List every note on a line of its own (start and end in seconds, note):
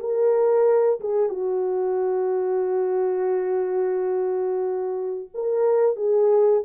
0.00 1.00 A#4
1.01 1.30 G#4
1.30 5.30 F#4
5.35 5.97 A#4
5.97 6.63 G#4